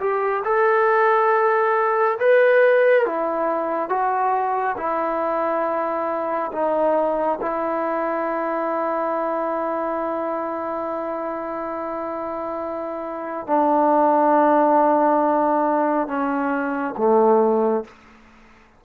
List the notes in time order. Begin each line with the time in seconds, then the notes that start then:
0.00 G4
0.44 A4
2.19 B4
3.06 E4
3.89 F#4
4.77 E4
6.52 D#4
7.42 E4
13.47 D4
16.08 C#4
16.97 A3